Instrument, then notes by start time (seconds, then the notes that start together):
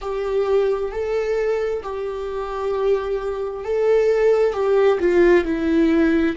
viola
0.01 G4
0.91 A4
1.83 G4
3.64 A4
4.52 G4
5.00 F4
5.45 E4